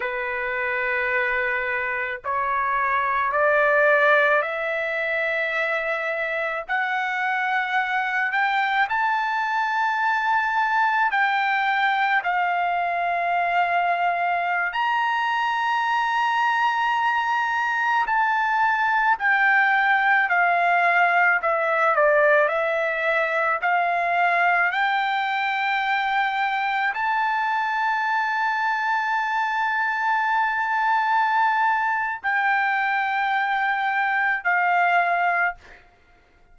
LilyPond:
\new Staff \with { instrumentName = "trumpet" } { \time 4/4 \tempo 4 = 54 b'2 cis''4 d''4 | e''2 fis''4. g''8 | a''2 g''4 f''4~ | f''4~ f''16 ais''2~ ais''8.~ |
ais''16 a''4 g''4 f''4 e''8 d''16~ | d''16 e''4 f''4 g''4.~ g''16~ | g''16 a''2.~ a''8.~ | a''4 g''2 f''4 | }